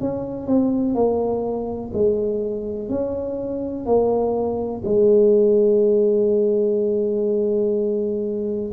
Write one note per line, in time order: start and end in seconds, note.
0.00 0.47 C#4
0.47 0.94 C4
0.94 1.91 A#3
1.93 2.89 G#3
2.89 3.85 C#4
3.85 4.82 A#3
4.84 8.71 G#3